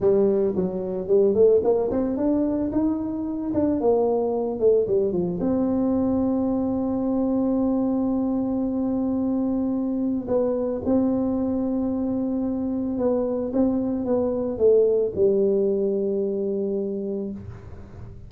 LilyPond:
\new Staff \with { instrumentName = "tuba" } { \time 4/4 \tempo 4 = 111 g4 fis4 g8 a8 ais8 c'8 | d'4 dis'4. d'8 ais4~ | ais8 a8 g8 f8 c'2~ | c'1~ |
c'2. b4 | c'1 | b4 c'4 b4 a4 | g1 | }